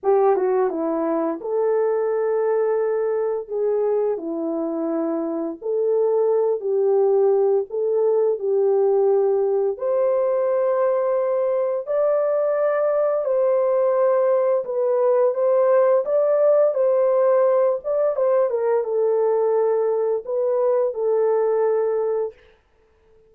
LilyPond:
\new Staff \with { instrumentName = "horn" } { \time 4/4 \tempo 4 = 86 g'8 fis'8 e'4 a'2~ | a'4 gis'4 e'2 | a'4. g'4. a'4 | g'2 c''2~ |
c''4 d''2 c''4~ | c''4 b'4 c''4 d''4 | c''4. d''8 c''8 ais'8 a'4~ | a'4 b'4 a'2 | }